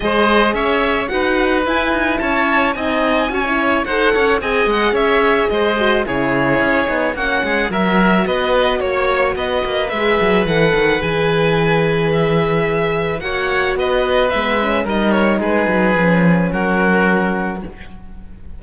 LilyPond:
<<
  \new Staff \with { instrumentName = "violin" } { \time 4/4 \tempo 4 = 109 dis''4 e''4 fis''4 gis''4 | a''4 gis''2 fis''4 | gis''8 fis''8 e''4 dis''4 cis''4~ | cis''4 fis''4 e''4 dis''4 |
cis''4 dis''4 e''4 fis''4 | gis''2 e''2 | fis''4 dis''4 e''4 dis''8 cis''8 | b'2 ais'2 | }
  \new Staff \with { instrumentName = "oboe" } { \time 4/4 c''4 cis''4 b'2 | cis''4 dis''4 cis''4 c''8 cis''8 | dis''4 cis''4 c''4 gis'4~ | gis'4 fis'8 gis'8 ais'4 b'4 |
cis''4 b'2.~ | b'1 | cis''4 b'2 ais'4 | gis'2 fis'2 | }
  \new Staff \with { instrumentName = "horn" } { \time 4/4 gis'2 fis'4 e'4~ | e'4 dis'4 fis'16 e'8. a'4 | gis'2~ gis'8 fis'8 e'4~ | e'8 dis'8 cis'4 fis'2~ |
fis'2 gis'4 a'4 | gis'1 | fis'2 b8 cis'8 dis'4~ | dis'4 cis'2. | }
  \new Staff \with { instrumentName = "cello" } { \time 4/4 gis4 cis'4 dis'4 e'8 dis'8 | cis'4 c'4 cis'4 dis'8 cis'8 | c'8 gis8 cis'4 gis4 cis4 | cis'8 b8 ais8 gis8 fis4 b4 |
ais4 b8 ais8 gis8 fis8 e8 dis8 | e1 | ais4 b4 gis4 g4 | gis8 fis8 f4 fis2 | }
>>